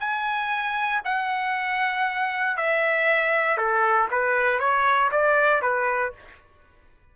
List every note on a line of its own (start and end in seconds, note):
0.00 1.02 G#5
1.05 2.57 F#5
2.57 3.58 E5
3.58 4.09 A4
4.11 4.59 B4
4.59 5.10 C#5
5.12 5.62 D5
5.62 6.13 B4